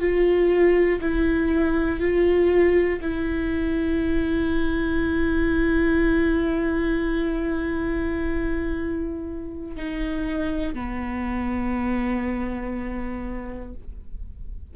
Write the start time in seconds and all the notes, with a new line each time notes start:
0.00 F4
1.01 E4
2.00 F4
3.01 E4
9.76 D#4
10.74 B3